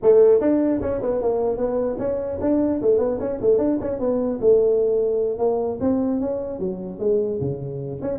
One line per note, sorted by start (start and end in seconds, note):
0.02 0.40 A3
0.40 0.80 D4
0.81 1.01 C#4
1.02 1.21 B3
1.21 1.57 A#3
1.57 1.97 B3
1.98 2.38 C#4
2.41 2.81 D4
2.81 2.98 A3
2.98 3.18 B3
3.20 3.40 C#4
3.41 3.58 A3
3.58 3.78 D4
3.80 3.99 C#4
3.99 4.39 B3
4.41 5.38 A3
5.38 5.78 A#3
5.80 6.20 C4
6.20 6.59 C#4
6.59 6.99 F#3
6.99 7.39 G#3
7.41 8.01 C#3
8.01 8.18 C#4